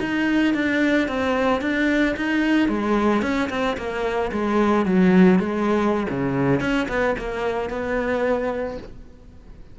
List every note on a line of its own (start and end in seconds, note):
0.00 0.54 D#4
0.54 1.08 D4
1.08 1.61 C4
1.61 2.15 D4
2.16 2.69 D#4
2.69 3.22 G#3
3.22 3.49 C#4
3.50 3.77 C4
3.77 4.31 A#3
4.32 4.86 G#3
4.86 5.39 F#3
5.39 6.07 G#3
6.10 6.60 C#3
6.60 6.87 C#4
6.88 7.15 B3
7.18 7.70 A#3
7.70 8.78 B3